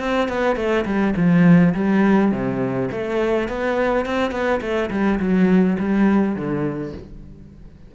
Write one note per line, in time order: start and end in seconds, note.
0.00 0.29 C4
0.29 0.57 B3
0.57 0.85 A3
0.86 1.15 G3
1.17 1.74 F3
1.75 2.32 G3
2.32 2.90 C3
2.92 3.49 A3
3.49 4.06 B3
4.06 4.32 C4
4.32 4.61 B3
4.62 4.91 A3
4.91 5.20 G3
5.20 5.78 F#3
5.79 6.36 G3
6.36 6.94 D3